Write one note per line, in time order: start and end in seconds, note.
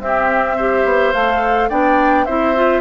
0.00 0.57 C4
0.00 0.85 C4
0.00 0.57 G4
0.00 1.13 E5
0.57 1.15 G4
0.57 1.70 C5
0.85 1.14 B3
1.13 1.71 A3
1.13 1.70 A4
1.13 1.69 F5
1.69 2.27 B3
1.69 2.27 D4
1.69 2.26 D5
1.69 2.26 G5
2.26 2.81 C4
2.26 2.55 E4
2.26 2.81 C5
2.26 2.81 E5
2.55 2.81 F4